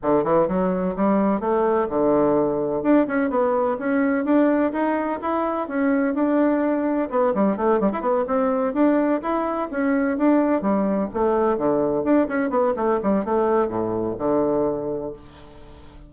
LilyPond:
\new Staff \with { instrumentName = "bassoon" } { \time 4/4 \tempo 4 = 127 d8 e8 fis4 g4 a4 | d2 d'8 cis'8 b4 | cis'4 d'4 dis'4 e'4 | cis'4 d'2 b8 g8 |
a8 g16 e'16 b8 c'4 d'4 e'8~ | e'8 cis'4 d'4 g4 a8~ | a8 d4 d'8 cis'8 b8 a8 g8 | a4 a,4 d2 | }